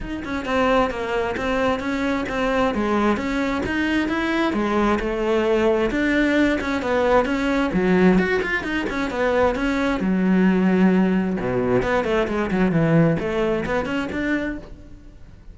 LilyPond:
\new Staff \with { instrumentName = "cello" } { \time 4/4 \tempo 4 = 132 dis'8 cis'8 c'4 ais4 c'4 | cis'4 c'4 gis4 cis'4 | dis'4 e'4 gis4 a4~ | a4 d'4. cis'8 b4 |
cis'4 fis4 fis'8 f'8 dis'8 cis'8 | b4 cis'4 fis2~ | fis4 b,4 b8 a8 gis8 fis8 | e4 a4 b8 cis'8 d'4 | }